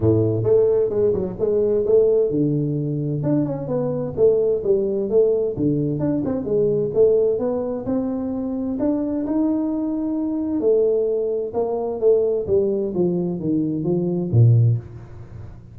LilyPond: \new Staff \with { instrumentName = "tuba" } { \time 4/4 \tempo 4 = 130 a,4 a4 gis8 fis8 gis4 | a4 d2 d'8 cis'8 | b4 a4 g4 a4 | d4 d'8 c'8 gis4 a4 |
b4 c'2 d'4 | dis'2. a4~ | a4 ais4 a4 g4 | f4 dis4 f4 ais,4 | }